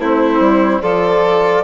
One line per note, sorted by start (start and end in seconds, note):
0.00 0.40 A3
0.00 0.83 C4
0.00 0.83 E4
0.00 0.82 C5
0.40 0.81 G3
0.82 1.64 F3
0.82 1.64 F4
0.82 1.64 A4
0.82 1.64 D5